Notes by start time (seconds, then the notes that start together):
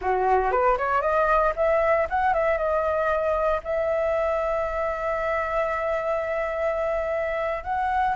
0.01 F#4
0.51 B4
0.77 C#5
1.01 D#5
1.55 E5
2.09 F#5
2.33 E5
2.57 D#5
3.63 E5
7.63 F#5